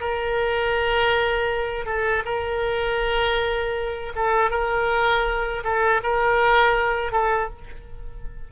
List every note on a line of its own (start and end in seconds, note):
0.00 1.85 A#4
1.85 2.23 A4
2.25 4.12 A#4
4.15 4.50 A4
4.50 5.62 A#4
5.64 6.01 A4
6.03 7.11 A#4
7.11 7.49 A4